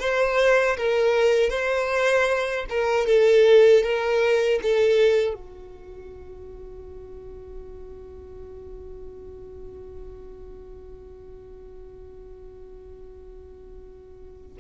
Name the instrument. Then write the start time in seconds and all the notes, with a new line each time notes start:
violin
0.00 C5
0.77 A#4
1.50 C5
2.70 A#4
3.07 A4
3.83 A#4
4.63 A4
5.34 F#4